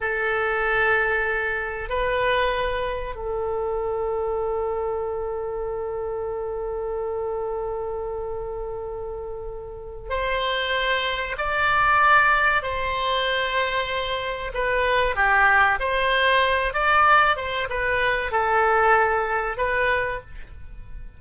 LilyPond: \new Staff \with { instrumentName = "oboe" } { \time 4/4 \tempo 4 = 95 a'2. b'4~ | b'4 a'2.~ | a'1~ | a'1 |
c''2 d''2 | c''2. b'4 | g'4 c''4. d''4 c''8 | b'4 a'2 b'4 | }